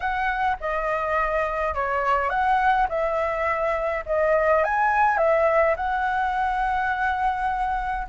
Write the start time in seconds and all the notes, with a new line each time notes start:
0.00 F#5
0.60 D#5
1.74 C#5
2.29 F#5
2.88 E5
4.06 D#5
4.64 G#5
5.17 E5
5.76 F#5